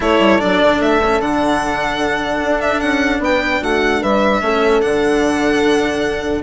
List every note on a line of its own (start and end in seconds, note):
0.00 0.19 A3
0.00 0.39 E4
0.00 3.21 A4
0.00 0.40 C#5
0.19 0.39 G3
0.39 0.62 F#3
0.39 0.99 D4
0.39 0.80 D5
0.62 0.79 D3
0.79 1.19 A3
0.79 1.21 E5
1.03 1.21 C#4
1.19 2.40 D3
1.19 4.41 D4
1.19 2.60 F#5
2.43 2.82 D4
2.60 2.80 E5
2.80 3.19 C#4
2.80 3.20 F#5
3.19 3.59 B3
3.19 3.62 B4
3.19 3.63 G5
3.62 4.02 A3
3.62 4.01 F#4
3.62 4.03 F#5
4.01 4.41 G3
4.01 4.41 B4
4.01 4.81 E5
4.41 4.81 A3
4.41 4.81 C#4
4.41 6.43 A4
4.81 6.43 D3
4.81 6.43 D4
4.81 6.42 F#5